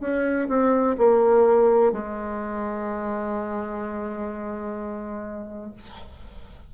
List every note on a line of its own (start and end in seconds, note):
0.00 0.48 C#4
0.48 0.96 C4
0.98 1.92 A#3
1.92 5.73 G#3